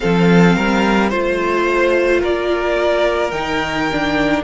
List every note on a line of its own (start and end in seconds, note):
0.00 0.56 F3
0.00 1.11 C4
0.00 0.55 A4
0.00 1.10 F5
0.55 1.12 G3
0.55 1.09 A#4
1.09 2.23 A3
1.09 3.33 F4
1.09 2.20 C5
1.09 2.21 C5
2.20 3.32 A#3
2.20 4.42 A#4
2.20 3.31 D5
3.31 4.43 D#3
3.31 3.89 D#4
3.31 4.42 G5
3.91 4.43 D4